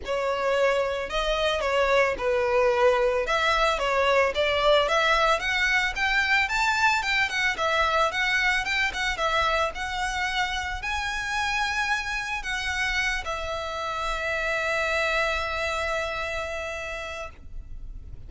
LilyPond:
\new Staff \with { instrumentName = "violin" } { \time 4/4 \tempo 4 = 111 cis''2 dis''4 cis''4 | b'2 e''4 cis''4 | d''4 e''4 fis''4 g''4 | a''4 g''8 fis''8 e''4 fis''4 |
g''8 fis''8 e''4 fis''2 | gis''2. fis''4~ | fis''8 e''2.~ e''8~ | e''1 | }